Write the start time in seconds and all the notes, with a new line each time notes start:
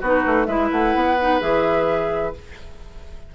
0.00 B3 D#4 F#4 B4
0.26 A3
0.46 G#3 E4 B4 E5
0.71 A3 F#5
0.94 B3
1.20 D#4
1.40 E3 G#4 E5